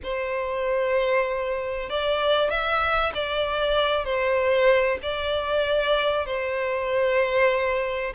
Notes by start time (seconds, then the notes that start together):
0.03 C5
1.89 D5
2.49 E5
3.14 D5
4.05 C5
5.02 D5
6.26 C5